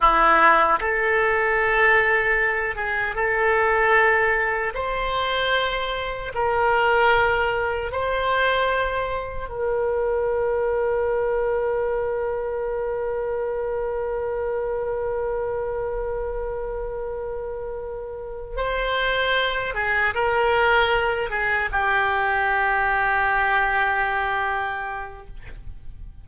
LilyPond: \new Staff \with { instrumentName = "oboe" } { \time 4/4 \tempo 4 = 76 e'4 a'2~ a'8 gis'8 | a'2 c''2 | ais'2 c''2 | ais'1~ |
ais'1~ | ais'2.~ ais'8 c''8~ | c''4 gis'8 ais'4. gis'8 g'8~ | g'1 | }